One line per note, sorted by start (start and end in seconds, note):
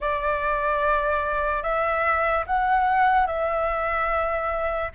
0.00 1.62 D5
1.62 2.44 E5
2.46 3.27 F#5
3.27 4.91 E5